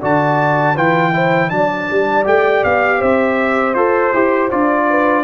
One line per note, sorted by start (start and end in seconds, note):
0.00 0.76 D3
0.00 0.76 F#4
0.00 0.75 D5
0.00 0.77 A5
0.75 1.51 E3
0.75 1.13 F4
0.75 1.12 B4
0.75 1.50 G5
1.13 1.50 E4
1.13 1.50 C5
1.50 1.89 F#3
1.50 2.24 D4
1.50 2.98 D5
1.50 2.25 A5
1.90 2.26 G3
2.24 2.64 A3
2.24 3.74 G4
2.24 2.64 G5
2.64 3.01 B3
2.64 3.01 F5
2.98 3.75 C4
2.98 4.86 C5
2.98 3.74 E5
3.74 4.12 F4
3.74 4.13 A4
3.74 4.49 C5
4.13 4.51 E4
4.13 4.51 G4
4.51 5.24 D4
4.51 5.24 F4
4.51 5.24 D5
4.90 5.24 B4